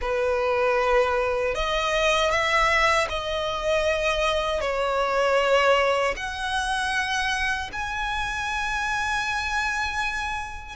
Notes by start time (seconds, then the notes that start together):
0.01 B4
1.55 D#5
2.30 E5
3.09 D#5
4.60 C#5
6.16 F#5
7.72 G#5